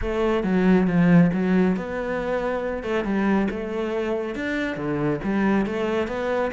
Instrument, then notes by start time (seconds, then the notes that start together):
cello
0.01 A3
0.43 F#3
0.87 F3
1.33 F#3
1.76 B3
2.83 A3
3.04 G3
3.50 A3
4.35 D4
4.76 D3
5.23 G3
5.66 A3
6.07 B3